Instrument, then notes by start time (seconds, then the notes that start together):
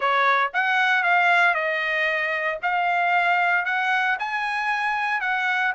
trumpet
0.00 C#5
0.53 F#5
1.03 F5
1.54 D#5
2.62 F5
3.65 F#5
4.19 G#5
5.21 F#5